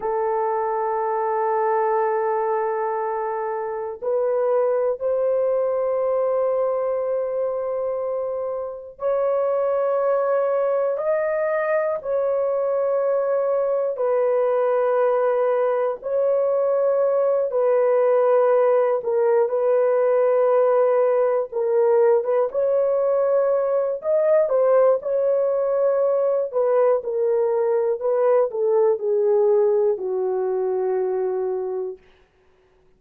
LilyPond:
\new Staff \with { instrumentName = "horn" } { \time 4/4 \tempo 4 = 60 a'1 | b'4 c''2.~ | c''4 cis''2 dis''4 | cis''2 b'2 |
cis''4. b'4. ais'8 b'8~ | b'4. ais'8. b'16 cis''4. | dis''8 c''8 cis''4. b'8 ais'4 | b'8 a'8 gis'4 fis'2 | }